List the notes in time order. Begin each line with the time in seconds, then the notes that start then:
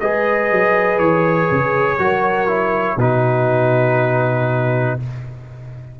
0.00 G#3 G#4 B4 D#5
0.51 F#3
0.99 E3 C#5
1.50 C#3
1.99 F#3 F#4 A#4
2.48 E4
2.96 B2 D#4 F#4 B4